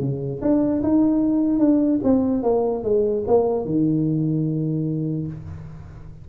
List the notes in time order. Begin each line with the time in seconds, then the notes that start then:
0.00 C#3
0.41 D4
0.83 D#4
1.59 D4
2.03 C4
2.43 A#3
2.83 G#3
3.27 A#3
3.65 D#3